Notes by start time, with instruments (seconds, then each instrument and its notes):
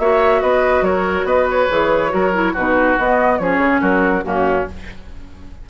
0.00 bassoon A#3, clarinet F#4, oboe C#5, flute E5
0.42 bassoon B3, oboe B4, flute D#5
0.82 bassoon F#3, oboe A#4, flute C#5
1.25 bassoon B3, oboe B4, flute D#5
1.51 flute C#5
1.70 bassoon E3, clarinet G#4
2.10 bassoon F#3, clarinet F#4, oboe A#4
2.34 clarinet E4
2.54 bassoon B2, clarinet D#4, oboe F#4, flute B4
2.99 clarinet B3, bassoon B3, flute D#5
3.39 bassoon F3, clarinet C#4, oboe G#4, flute C#5
3.58 bassoon C#3
3.81 bassoon F#3, oboe F#4, flute A#4
4.24 bassoon F#2, clarinet A#3, oboe C#4, flute F#4